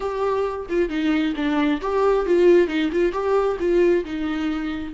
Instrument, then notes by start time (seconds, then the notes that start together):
viola
0.00 G4
0.69 F4
0.89 D#4
1.36 D4
1.81 G4
2.26 F4
2.67 D#4
2.92 F4
3.12 G4
3.59 F4
4.04 D#4